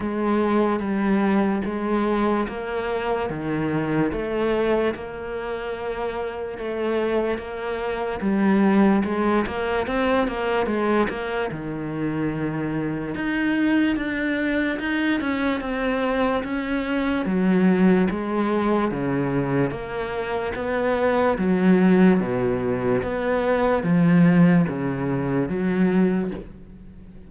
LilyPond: \new Staff \with { instrumentName = "cello" } { \time 4/4 \tempo 4 = 73 gis4 g4 gis4 ais4 | dis4 a4 ais2 | a4 ais4 g4 gis8 ais8 | c'8 ais8 gis8 ais8 dis2 |
dis'4 d'4 dis'8 cis'8 c'4 | cis'4 fis4 gis4 cis4 | ais4 b4 fis4 b,4 | b4 f4 cis4 fis4 | }